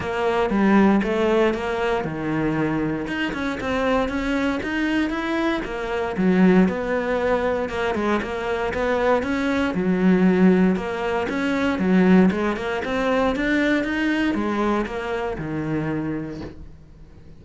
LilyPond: \new Staff \with { instrumentName = "cello" } { \time 4/4 \tempo 4 = 117 ais4 g4 a4 ais4 | dis2 dis'8 cis'8 c'4 | cis'4 dis'4 e'4 ais4 | fis4 b2 ais8 gis8 |
ais4 b4 cis'4 fis4~ | fis4 ais4 cis'4 fis4 | gis8 ais8 c'4 d'4 dis'4 | gis4 ais4 dis2 | }